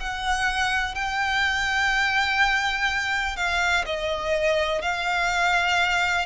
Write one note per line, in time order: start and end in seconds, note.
0.00 0.95 F#5
0.95 3.36 G5
3.36 3.84 F5
3.85 4.81 D#5
4.81 6.25 F5